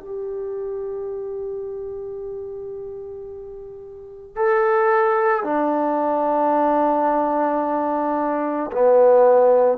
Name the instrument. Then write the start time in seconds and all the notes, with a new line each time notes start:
trombone
0.00 G4
4.36 A4
5.44 D4
8.72 B3